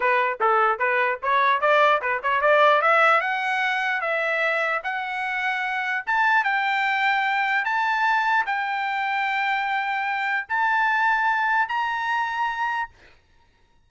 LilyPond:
\new Staff \with { instrumentName = "trumpet" } { \time 4/4 \tempo 4 = 149 b'4 a'4 b'4 cis''4 | d''4 b'8 cis''8 d''4 e''4 | fis''2 e''2 | fis''2. a''4 |
g''2. a''4~ | a''4 g''2.~ | g''2 a''2~ | a''4 ais''2. | }